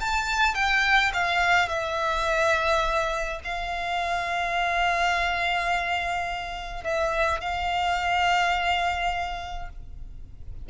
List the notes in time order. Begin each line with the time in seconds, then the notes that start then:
0.00 A5
0.54 G5
1.13 F5
1.68 E5
3.44 F5
6.83 E5
7.40 F5